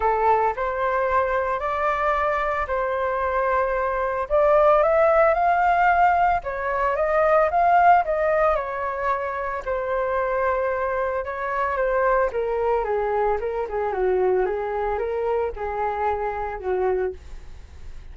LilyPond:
\new Staff \with { instrumentName = "flute" } { \time 4/4 \tempo 4 = 112 a'4 c''2 d''4~ | d''4 c''2. | d''4 e''4 f''2 | cis''4 dis''4 f''4 dis''4 |
cis''2 c''2~ | c''4 cis''4 c''4 ais'4 | gis'4 ais'8 gis'8 fis'4 gis'4 | ais'4 gis'2 fis'4 | }